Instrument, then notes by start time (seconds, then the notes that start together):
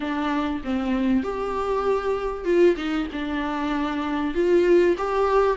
viola
0.00 D4
0.64 C4
1.23 G4
2.44 F4
2.76 D#4
3.12 D4
4.34 F4
4.97 G4